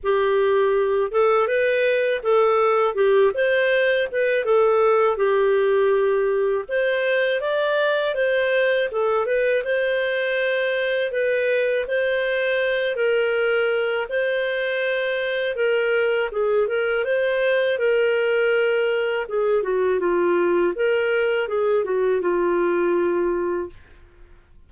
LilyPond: \new Staff \with { instrumentName = "clarinet" } { \time 4/4 \tempo 4 = 81 g'4. a'8 b'4 a'4 | g'8 c''4 b'8 a'4 g'4~ | g'4 c''4 d''4 c''4 | a'8 b'8 c''2 b'4 |
c''4. ais'4. c''4~ | c''4 ais'4 gis'8 ais'8 c''4 | ais'2 gis'8 fis'8 f'4 | ais'4 gis'8 fis'8 f'2 | }